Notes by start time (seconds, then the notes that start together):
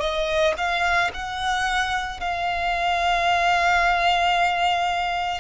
0.00 D#5
0.57 F5
1.13 F#5
2.20 F5